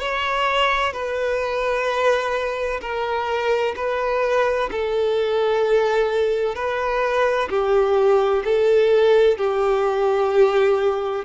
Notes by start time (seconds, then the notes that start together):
0.00 C#5
0.93 B4
2.82 A#4
3.76 B4
4.71 A4
6.55 B4
7.50 G4
8.45 A4
9.38 G4